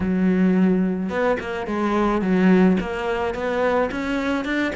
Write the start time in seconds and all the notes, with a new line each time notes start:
0.00 F#3
1.09 B3
1.40 A#3
1.67 G#3
2.21 F#3
2.80 A#3
3.34 B3
3.91 C#4
4.44 D4